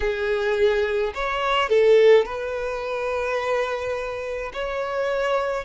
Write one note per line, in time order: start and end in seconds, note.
0.00 1.13 G#4
1.14 1.69 C#5
1.69 2.25 A4
2.25 4.51 B4
4.53 5.64 C#5